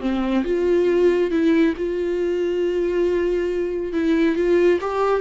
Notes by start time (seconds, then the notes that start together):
0.00 C4
0.44 F4
1.30 E4
1.77 F4
3.92 E4
4.36 F4
4.81 G4